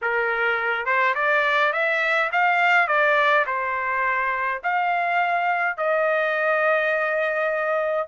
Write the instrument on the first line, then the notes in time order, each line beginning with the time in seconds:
trumpet
0.01 A#4
0.85 C5
1.15 D5
1.73 E5
2.32 F5
2.87 D5
3.46 C5
4.63 F5
5.77 D#5